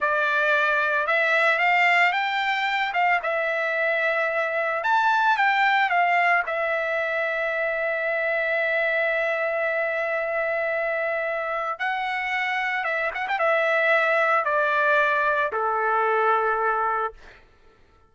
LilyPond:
\new Staff \with { instrumentName = "trumpet" } { \time 4/4 \tempo 4 = 112 d''2 e''4 f''4 | g''4. f''8 e''2~ | e''4 a''4 g''4 f''4 | e''1~ |
e''1~ | e''2 fis''2 | e''8 fis''16 g''16 e''2 d''4~ | d''4 a'2. | }